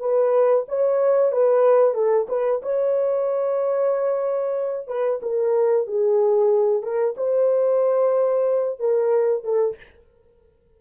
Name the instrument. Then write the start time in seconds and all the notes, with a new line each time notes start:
horn
0.00 B4
0.68 C#5
1.32 B4
1.94 A4
2.29 B4
2.62 C#5
4.88 B4
5.22 A#4
5.87 G#4
6.82 A#4
7.17 C5
8.79 A#4
9.44 A4